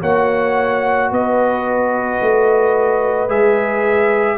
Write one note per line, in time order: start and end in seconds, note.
0.00 1.11 A#3
0.00 3.28 F#4
0.00 1.09 C#5
0.00 1.12 F#5
1.11 2.20 B3
1.11 4.37 B4
1.11 3.29 D#5
2.21 3.29 A3
3.28 4.37 G#3
3.28 4.37 G#4
3.28 4.37 E5